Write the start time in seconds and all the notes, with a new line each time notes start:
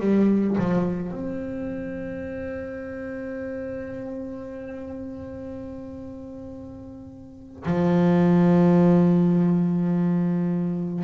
0.00 G3
0.58 F3
1.11 C4
7.65 F3